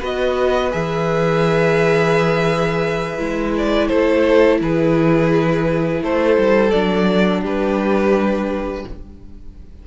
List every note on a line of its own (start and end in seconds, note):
0.00 0.73 B3
0.00 0.71 F#4
0.00 3.88 B4
0.00 0.72 D#5
0.71 3.19 E3
0.71 3.18 G#4
0.71 3.54 E5
3.18 3.89 G#3
3.18 6.71 E4
3.57 3.88 D5
3.88 4.61 A3
3.88 4.58 A4
3.88 4.59 C5
4.61 6.02 E3
4.61 6.03 G#4
4.61 6.03 B4
6.02 6.37 A3
6.02 7.41 A4
6.02 6.71 C5
6.37 6.73 G3
6.71 7.43 F#3
6.71 8.86 D4
6.71 7.42 D5
7.41 8.84 G3
7.41 8.82 G4
7.41 8.87 B4